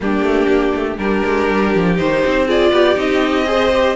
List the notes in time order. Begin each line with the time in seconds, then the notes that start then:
0.00 G3 A#3 D4 G4
0.22 A3
0.47 A#3
0.75 A3
0.98 G3 D4 G4 A#4
1.24 G#3
1.49 G3
1.74 F3
1.96 D#3 D#4 C5
2.26 C4
2.46 F4 G#4 D5
2.71 B3 G4
2.95 C4 D#4 D#5
3.45 G#4 C5
3.73 G4